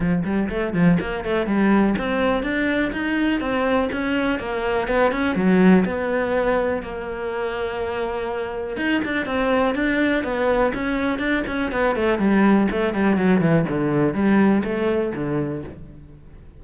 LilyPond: \new Staff \with { instrumentName = "cello" } { \time 4/4 \tempo 4 = 123 f8 g8 a8 f8 ais8 a8 g4 | c'4 d'4 dis'4 c'4 | cis'4 ais4 b8 cis'8 fis4 | b2 ais2~ |
ais2 dis'8 d'8 c'4 | d'4 b4 cis'4 d'8 cis'8 | b8 a8 g4 a8 g8 fis8 e8 | d4 g4 a4 d4 | }